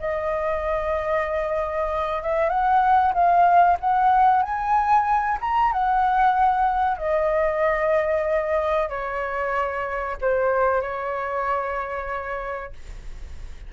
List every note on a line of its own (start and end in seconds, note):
0.00 2.23 D#5
2.23 2.50 E5
2.50 3.13 F#5
3.14 3.78 F5
3.81 4.43 F#5
4.43 5.38 G#5
5.41 5.73 A#5
5.73 6.98 F#5
6.98 8.90 D#5
8.90 10.17 C#5
10.22 10.82 C5
10.82 12.73 C#5